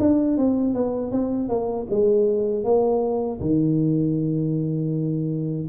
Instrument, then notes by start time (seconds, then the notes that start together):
tuba
0.00 D4
0.38 C4
0.74 B3
1.12 C4
1.49 A#3
1.90 G#3
2.64 A#3
3.41 D#3